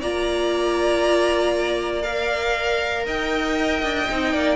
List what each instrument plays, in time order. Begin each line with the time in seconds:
0.00 cello A#3, viola F4, violin D5 A#5
2.02 viola A#4, violin F5
3.05 cello D#4, violin D#5 G5
3.83 cello D4
4.10 cello C4, viola D#4
4.32 cello A#3, violin D5